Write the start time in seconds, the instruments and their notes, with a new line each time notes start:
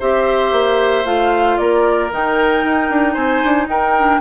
0.00 bassoon C4, clarinet G4, oboe C5, flute E5
0.52 bassoon A#3
1.05 bassoon A3, clarinet F4, flute F5
1.58 bassoon A#3, oboe A#4, flute D5
2.11 bassoon D#3, clarinet D#4, flute G5
2.64 bassoon D#4
2.90 bassoon D4
3.14 bassoon C4, oboe C5, flute G#5
3.44 bassoon D4
3.67 bassoon D#4, oboe A#4, flute G5
3.97 clarinet D4